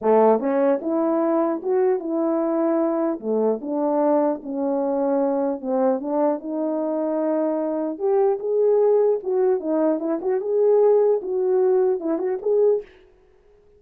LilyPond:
\new Staff \with { instrumentName = "horn" } { \time 4/4 \tempo 4 = 150 a4 cis'4 e'2 | fis'4 e'2. | a4 d'2 cis'4~ | cis'2 c'4 d'4 |
dis'1 | g'4 gis'2 fis'4 | dis'4 e'8 fis'8 gis'2 | fis'2 e'8 fis'8 gis'4 | }